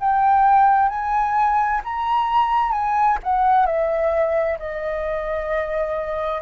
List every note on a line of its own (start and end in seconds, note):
0.00 0.89 G5
0.89 1.82 G#5
1.85 2.72 A#5
2.72 3.18 G#5
3.23 3.66 F#5
3.66 4.59 E5
4.59 6.42 D#5